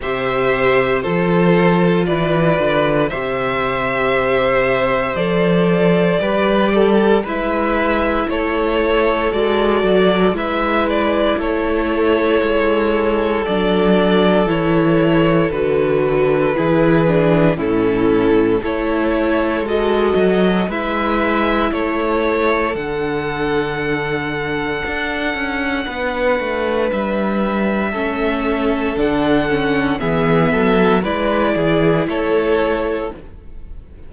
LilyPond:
<<
  \new Staff \with { instrumentName = "violin" } { \time 4/4 \tempo 4 = 58 e''4 c''4 d''4 e''4~ | e''4 d''2 e''4 | cis''4 d''4 e''8 d''8 cis''4~ | cis''4 d''4 cis''4 b'4~ |
b'4 a'4 cis''4 dis''4 | e''4 cis''4 fis''2~ | fis''2 e''2 | fis''4 e''4 d''4 cis''4 | }
  \new Staff \with { instrumentName = "violin" } { \time 4/4 c''4 a'4 b'4 c''4~ | c''2 b'8 a'8 b'4 | a'2 b'4 a'4~ | a'1 |
gis'4 e'4 a'2 | b'4 a'2.~ | a'4 b'2 a'4~ | a'4 gis'8 a'8 b'8 gis'8 a'4 | }
  \new Staff \with { instrumentName = "viola" } { \time 4/4 g'4 f'2 g'4~ | g'4 a'4 g'4 e'4~ | e'4 fis'4 e'2~ | e'4 d'4 e'4 fis'4 |
e'8 d'8 cis'4 e'4 fis'4 | e'2 d'2~ | d'2. cis'4 | d'8 cis'8 b4 e'2 | }
  \new Staff \with { instrumentName = "cello" } { \time 4/4 c4 f4 e8 d8 c4~ | c4 f4 g4 gis4 | a4 gis8 fis8 gis4 a4 | gis4 fis4 e4 d4 |
e4 a,4 a4 gis8 fis8 | gis4 a4 d2 | d'8 cis'8 b8 a8 g4 a4 | d4 e8 fis8 gis8 e8 a4 | }
>>